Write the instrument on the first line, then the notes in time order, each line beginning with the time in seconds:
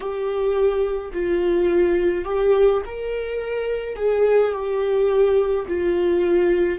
viola
0.00 G4
1.13 F4
2.24 G4
2.86 A#4
3.96 G#4
4.52 G4
5.68 F4